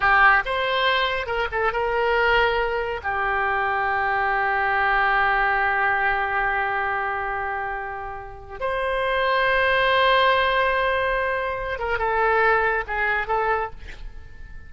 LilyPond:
\new Staff \with { instrumentName = "oboe" } { \time 4/4 \tempo 4 = 140 g'4 c''2 ais'8 a'8 | ais'2. g'4~ | g'1~ | g'1~ |
g'1 | c''1~ | c''2.~ c''8 ais'8 | a'2 gis'4 a'4 | }